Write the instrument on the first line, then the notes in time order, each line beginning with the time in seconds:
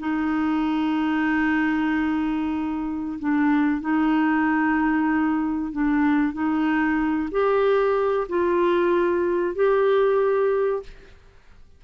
clarinet
0.00 D#4
3.20 D4
3.81 D#4
5.72 D4
6.34 D#4
7.32 G4
8.29 F4
9.56 G4